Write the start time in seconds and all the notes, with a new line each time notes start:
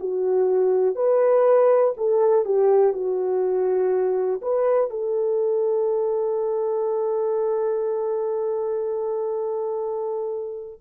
0.00 F#4
0.95 B4
1.97 A4
2.45 G4
2.93 F#4
4.42 B4
4.90 A4